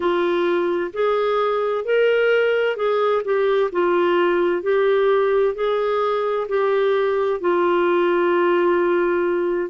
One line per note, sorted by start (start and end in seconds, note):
0.00 0.91 F4
0.93 1.85 G#4
1.85 2.76 A#4
2.76 3.22 G#4
3.24 3.70 G4
3.72 4.62 F4
4.62 5.54 G4
5.54 6.47 G#4
6.48 7.40 G4
7.40 9.69 F4